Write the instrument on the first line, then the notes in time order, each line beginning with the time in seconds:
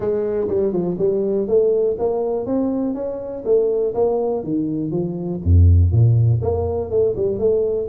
tuba
0.00 G#3
0.48 G3
0.72 F3
0.98 G3
1.47 A3
1.99 A#3
2.46 C4
2.94 C#4
3.44 A3
3.94 A#3
4.43 D#3
4.91 F3
5.43 F2
5.91 A#2
6.42 A#3
6.90 A3
7.16 G3
7.38 A3